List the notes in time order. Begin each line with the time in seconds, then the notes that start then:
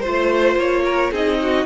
0.00 F4 C5
0.07 A3
0.56 A#3 C#5
0.85 A#4
1.11 C4 D#4 G#4 D#5
1.41 F#4